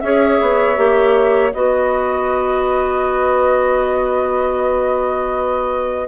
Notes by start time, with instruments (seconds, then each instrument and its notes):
0.00 bassoon C#4, clarinet G#4, saxophone C#5, flute E5
0.41 bassoon B3
0.76 bassoon A#3, clarinet G4
1.53 bassoon B3, clarinet F#4, saxophone B4, flute D#5